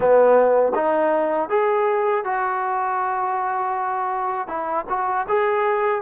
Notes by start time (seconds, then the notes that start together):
0.00 B3
0.74 D#4
1.49 G#4
2.24 F#4
4.47 E4
4.89 F#4
5.28 G#4